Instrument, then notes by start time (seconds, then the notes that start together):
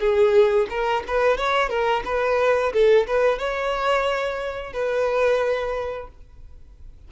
violin
0.00 G#4
0.70 A#4
1.08 B4
1.38 C#5
1.69 A#4
2.05 B4
2.73 A4
3.07 B4
3.39 C#5
4.73 B4